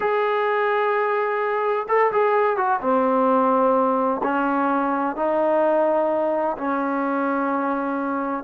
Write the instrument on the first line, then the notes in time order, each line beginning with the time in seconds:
trombone
0.00 G#4
1.88 A4
2.12 G#4
2.56 F#4
2.80 C4
4.23 C#4
5.16 D#4
6.57 C#4